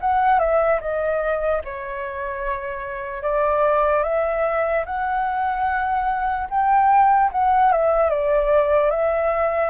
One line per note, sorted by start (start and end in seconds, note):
0.00 0.39 F#5
0.39 0.79 E5
0.81 1.62 D#5
1.64 3.22 C#5
3.22 4.03 D5
4.03 4.84 E5
4.85 6.48 F#5
6.50 7.31 G5
7.32 7.71 F#5
7.71 8.09 E5
8.09 8.90 D5
8.90 9.70 E5